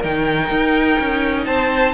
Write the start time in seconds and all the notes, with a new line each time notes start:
0.00 D#3 D#4 A#4 G5
0.51 D#4
1.00 C#4
1.45 C4 C5 A5